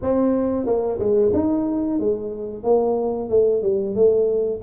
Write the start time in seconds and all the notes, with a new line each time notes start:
0.02 C4
0.66 A#3
0.99 G#3
1.33 D#4
1.99 G#3
2.63 A#3
3.29 A3
3.62 G3
3.95 A3